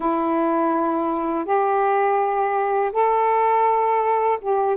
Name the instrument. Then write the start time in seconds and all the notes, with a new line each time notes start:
saxophone
0.00 E4
1.45 G4
2.92 A4
4.41 G4